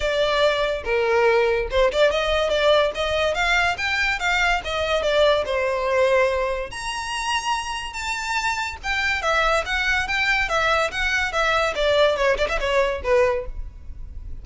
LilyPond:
\new Staff \with { instrumentName = "violin" } { \time 4/4 \tempo 4 = 143 d''2 ais'2 | c''8 d''8 dis''4 d''4 dis''4 | f''4 g''4 f''4 dis''4 | d''4 c''2. |
ais''2. a''4~ | a''4 g''4 e''4 fis''4 | g''4 e''4 fis''4 e''4 | d''4 cis''8 d''16 e''16 cis''4 b'4 | }